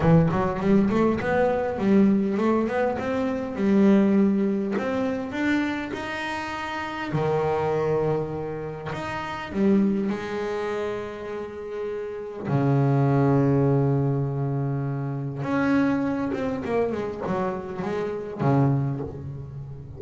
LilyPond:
\new Staff \with { instrumentName = "double bass" } { \time 4/4 \tempo 4 = 101 e8 fis8 g8 a8 b4 g4 | a8 b8 c'4 g2 | c'4 d'4 dis'2 | dis2. dis'4 |
g4 gis2.~ | gis4 cis2.~ | cis2 cis'4. c'8 | ais8 gis8 fis4 gis4 cis4 | }